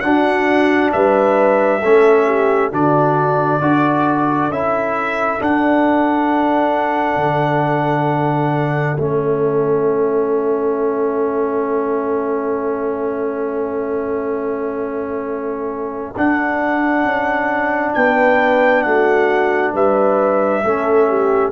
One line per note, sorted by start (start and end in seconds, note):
0.00 1.81 D4
0.00 0.93 D4
0.00 0.93 F#4
0.00 0.90 F#5
0.92 1.83 G3
0.92 1.80 B4
0.92 2.71 E5
1.80 2.72 A3
1.80 2.71 C#4
1.80 2.25 A4
2.26 2.70 G4
2.70 3.61 D3
2.70 3.61 D4
2.70 3.60 F#4
2.70 4.51 D5
3.61 4.49 D4
3.61 4.50 F#4
3.61 17.95 A4
4.49 5.38 C#4
4.49 5.39 E4
4.49 5.41 E5
5.39 8.97 D4
5.39 7.16 D4
5.39 8.98 F#5
7.16 8.96 D3
8.98 16.15 A3
8.98 16.14 C#4
8.98 16.15 E5
16.16 17.04 D4
16.16 20.64 D4
16.16 17.94 F#5
17.04 17.93 C#4
17.94 18.85 B3
17.94 18.86 B4
17.94 18.82 G5
18.82 19.74 A3
18.82 19.73 F#4
18.82 19.71 F#5
19.73 20.63 G3
19.73 20.63 B4
19.73 21.52 E5
20.64 21.52 A3
20.64 21.52 C#4
20.64 21.08 A4
21.08 21.52 G4